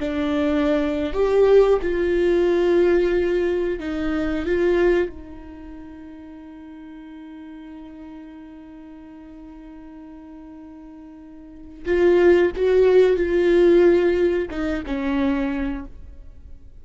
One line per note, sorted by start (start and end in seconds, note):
0.00 1.14 D4
1.14 1.80 G4
1.83 3.80 F4
3.80 4.46 D#4
4.46 5.09 F4
5.09 11.85 D#4
11.86 12.52 F4
12.57 13.17 F#4
13.17 14.49 F4
14.51 14.84 D#4
14.87 15.86 C#4